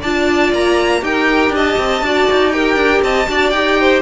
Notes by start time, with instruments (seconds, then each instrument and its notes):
0.00 cello D4, viola F4, violin D5 A5
0.52 cello A#3, violin A#5
1.00 cello D#4, viola G4, violin A#4 G5
1.50 cello D4, violin D#5
1.57 violin A5
1.78 cello C4
2.01 cello D4, viola F#4, violin D5
2.31 cello D#4
2.51 viola G4, violin A#4 G5
2.76 cello D4
3.02 cello C4, violin D#5 A5
3.27 cello D4, viola F#4, violin D5
3.50 cello D#4, viola G4, violin G5
3.80 violin C5